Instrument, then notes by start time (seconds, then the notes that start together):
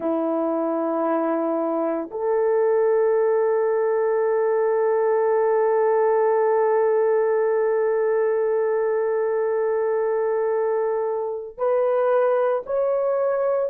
horn
0.00 E4
2.11 A4
11.57 B4
12.66 C#5